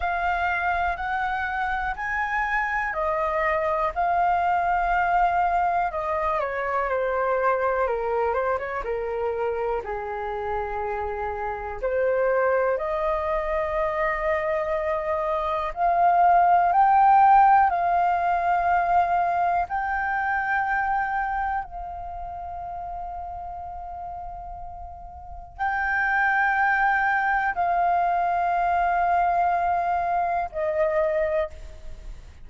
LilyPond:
\new Staff \with { instrumentName = "flute" } { \time 4/4 \tempo 4 = 61 f''4 fis''4 gis''4 dis''4 | f''2 dis''8 cis''8 c''4 | ais'8 c''16 cis''16 ais'4 gis'2 | c''4 dis''2. |
f''4 g''4 f''2 | g''2 f''2~ | f''2 g''2 | f''2. dis''4 | }